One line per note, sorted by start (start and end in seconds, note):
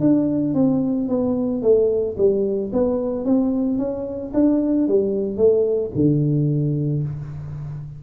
0.00 0.54 D4
0.54 1.08 C4
1.08 1.62 B3
1.62 2.16 A3
2.17 2.71 G3
2.72 3.25 B3
3.25 3.78 C4
3.78 4.32 C#4
4.34 4.88 D4
4.88 5.37 G3
5.37 5.91 A3
5.95 7.03 D3